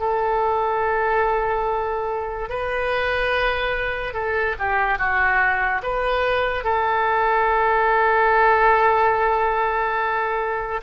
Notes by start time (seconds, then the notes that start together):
0.00 A4
2.50 B4
4.14 A4
4.59 G4
4.99 F#4
5.83 B4
6.65 A4